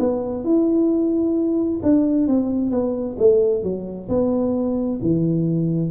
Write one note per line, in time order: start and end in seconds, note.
0.00 0.45 B3
0.45 1.81 E4
1.83 2.28 D4
2.28 2.71 C4
2.71 3.17 B3
3.19 3.63 A3
3.63 4.09 F#3
4.09 5.00 B3
5.02 5.91 E3